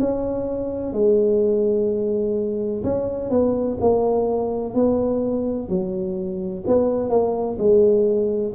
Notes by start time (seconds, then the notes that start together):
0.00 C#4
0.93 G#3
2.84 C#4
3.31 B3
3.81 A#3
4.74 B3
5.69 F#3
6.67 B3
7.10 A#3
7.59 G#3